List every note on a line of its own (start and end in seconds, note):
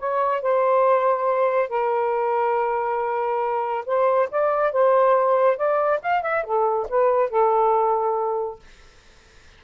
0.00 0.42 C#5
0.42 1.69 C5
1.69 3.85 A#4
3.86 4.29 C5
4.32 4.73 D5
4.73 5.57 C5
5.57 6.00 D5
6.03 6.23 F5
6.23 6.44 E5
6.44 6.87 A4
6.89 7.30 B4
7.30 8.60 A4